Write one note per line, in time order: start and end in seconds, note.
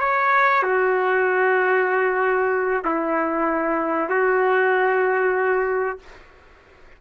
0.00 0.63 C#5
0.63 2.84 F#4
2.85 4.10 E4
4.10 5.99 F#4